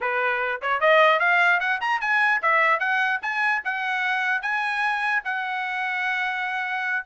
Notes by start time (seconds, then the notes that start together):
0.01 B4
0.61 C#5
0.80 D#5
1.19 F5
1.60 F#5
1.80 A#5
2.00 G#5
2.42 E5
2.79 F#5
3.22 G#5
3.64 F#5
4.41 G#5
5.24 F#5